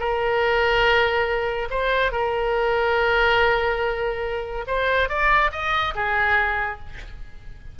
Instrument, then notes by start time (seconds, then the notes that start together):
oboe
0.00 A#4
1.71 C5
2.12 A#4
4.68 C5
5.09 D5
5.52 D#5
5.95 G#4